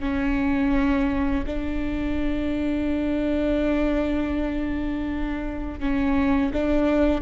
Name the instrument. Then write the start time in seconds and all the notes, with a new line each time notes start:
viola
0.00 C#4
1.47 D4
5.80 C#4
6.53 D4